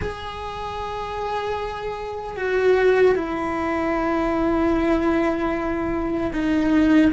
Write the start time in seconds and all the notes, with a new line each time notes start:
0.01 G#4
2.36 F#4
3.15 E4
6.33 D#4